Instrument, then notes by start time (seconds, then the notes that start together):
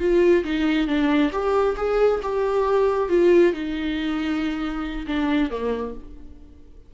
viola
0.00 F4
0.44 D#4
0.88 D4
1.32 G4
1.77 G#4
2.23 G4
3.09 F4
3.53 D#4
5.07 D4
5.50 A#3